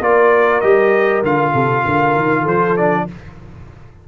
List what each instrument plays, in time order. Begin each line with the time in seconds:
0.00 tuba A#3, trombone F4, horn A#4, trumpet D5
0.61 tuba G3, trombone G4, trumpet D#5
1.23 tuba D3, trombone F4, trumpet F5
1.54 tuba C3, horn A4
1.85 tuba D3, horn A#4
2.16 tuba D#3
2.42 tuba F3, horn A4, trumpet C5
2.77 trombone D4, trumpet D5